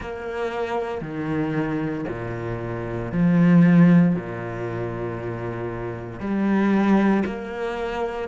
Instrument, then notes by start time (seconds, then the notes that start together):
cello
0.00 A#3
1.01 D#3
2.08 A#2
3.11 F3
4.15 A#2
6.20 G3
7.25 A#3